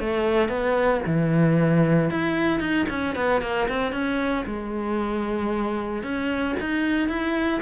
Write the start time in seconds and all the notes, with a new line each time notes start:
0.00 A3
0.49 B3
1.06 E3
2.11 E4
2.60 D#4
2.89 C#4
3.16 B3
3.41 A#3
3.69 C4
3.93 C#4
4.46 G#3
6.03 C#4
6.60 D#4
7.09 E4